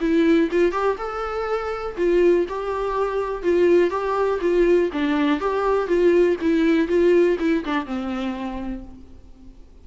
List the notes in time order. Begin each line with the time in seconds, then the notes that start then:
0.00 E4
0.51 F4
0.72 G4
0.98 A4
1.97 F4
2.48 G4
3.43 F4
3.90 G4
4.41 F4
4.92 D4
5.40 G4
5.87 F4
6.41 E4
6.88 F4
7.39 E4
7.65 D4
7.86 C4